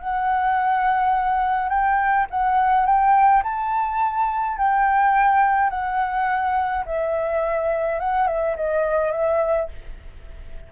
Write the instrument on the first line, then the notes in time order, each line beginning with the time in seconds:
flute
0.00 F#5
1.70 G5
2.31 F#5
2.86 G5
3.44 A5
4.58 G5
5.70 F#5
6.86 E5
8.00 F#5
8.28 E5
8.57 D#5
9.12 E5